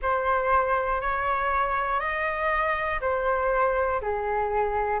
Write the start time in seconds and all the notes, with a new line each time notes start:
0.01 C5
1.00 C#5
2.00 D#5
3.00 C5
4.01 G#4